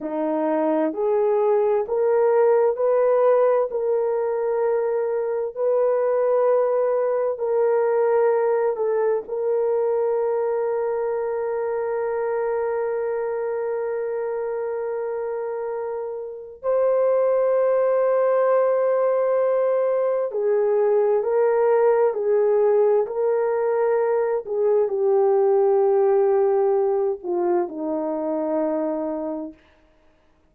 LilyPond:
\new Staff \with { instrumentName = "horn" } { \time 4/4 \tempo 4 = 65 dis'4 gis'4 ais'4 b'4 | ais'2 b'2 | ais'4. a'8 ais'2~ | ais'1~ |
ais'2 c''2~ | c''2 gis'4 ais'4 | gis'4 ais'4. gis'8 g'4~ | g'4. f'8 dis'2 | }